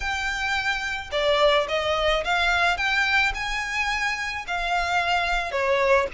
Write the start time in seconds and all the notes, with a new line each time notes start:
0.00 G5
1.11 D5
1.68 D#5
2.24 F5
2.77 G5
3.34 G#5
4.47 F5
5.51 C#5